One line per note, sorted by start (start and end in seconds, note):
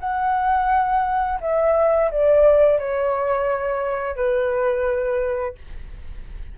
0.00 1.40 F#5
1.41 2.11 E5
2.11 2.79 D5
2.79 4.16 C#5
4.16 5.55 B4